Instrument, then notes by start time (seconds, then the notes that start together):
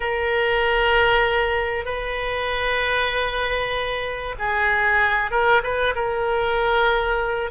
oboe
0.00 A#4
1.85 B4
4.38 G#4
5.30 A#4
5.63 B4
5.95 A#4